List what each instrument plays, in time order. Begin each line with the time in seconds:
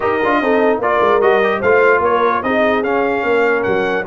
0.00 tuba D#4, trombone G4, horn A#4, trumpet D#5
0.23 tuba D4, trombone F4
0.40 tuba C4, trombone D#4, horn A4
0.78 tuba A#3, trombone F4, horn A#4, trumpet D5
1.00 tuba G#3
1.20 tuba G3, trombone F#4, trumpet D#5
1.43 trombone G4
1.59 tuba A3, trombone F4, horn C5, trumpet F5
1.99 tuba A#3, horn A#4, trumpet C#5
2.42 tuba C4, trombone D#4, horn G#4, trumpet D#5
2.83 trombone C#4, tuba C#4, trumpet F5
3.23 tuba A#3, horn A#4
3.63 tuba F#3, trumpet F#5